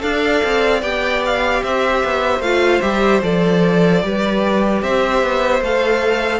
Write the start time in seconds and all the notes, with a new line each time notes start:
0.00 D4 A4 D5 F5
0.44 C4
0.83 B3 G4 G5
1.26 F5
1.64 C4 C5 E5
2.04 B3
2.40 A3 F4 F5
2.82 G3 G4 E5
3.23 F3 A4 D5
4.03 G3 G4 B4
4.83 C4 C5 E5
5.23 B3
5.61 A3 A4 F5